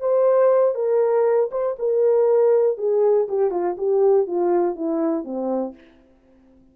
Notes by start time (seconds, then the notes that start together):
0.00 C5
0.75 A#4
1.51 C5
1.79 A#4
2.77 G#4
3.28 G4
3.51 F4
3.77 G4
4.26 F4
4.75 E4
5.24 C4